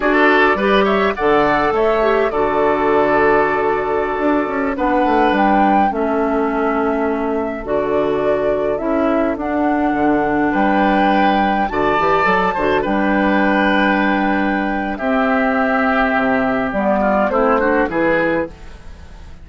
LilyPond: <<
  \new Staff \with { instrumentName = "flute" } { \time 4/4 \tempo 4 = 104 d''4. e''8 fis''4 e''4 | d''1~ | d''16 fis''4 g''4 e''4.~ e''16~ | e''4~ e''16 d''2 e''8.~ |
e''16 fis''2 g''4.~ g''16~ | g''16 a''2 g''4.~ g''16~ | g''2 e''2~ | e''4 d''4 c''4 b'4 | }
  \new Staff \with { instrumentName = "oboe" } { \time 4/4 a'4 b'8 cis''8 d''4 cis''4 | a'1~ | a'16 b'2 a'4.~ a'16~ | a'1~ |
a'2~ a'16 b'4.~ b'16~ | b'16 d''4. c''8 b'4.~ b'16~ | b'2 g'2~ | g'4. f'8 e'8 fis'8 gis'4 | }
  \new Staff \with { instrumentName = "clarinet" } { \time 4/4 fis'4 g'4 a'4. g'8 | fis'1~ | fis'16 d'2 cis'4.~ cis'16~ | cis'4~ cis'16 fis'2 e'8.~ |
e'16 d'2.~ d'8.~ | d'16 fis'8 g'8 a'8 fis'8 d'4.~ d'16~ | d'2 c'2~ | c'4 b4 c'8 d'8 e'4 | }
  \new Staff \with { instrumentName = "bassoon" } { \time 4/4 d'4 g4 d4 a4 | d2.~ d16 d'8 cis'16~ | cis'16 b8 a8 g4 a4.~ a16~ | a4~ a16 d2 cis'8.~ |
cis'16 d'4 d4 g4.~ g16~ | g16 d8 e8 fis8 d8 g4.~ g16~ | g2 c'2 | c4 g4 a4 e4 | }
>>